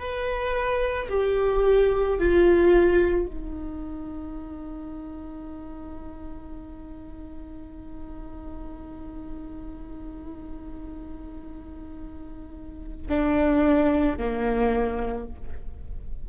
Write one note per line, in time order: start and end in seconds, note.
0.00 1.09 B4
1.10 2.19 G4
2.19 3.26 F4
3.26 13.08 D#4
13.09 14.18 D4
14.18 15.27 A#3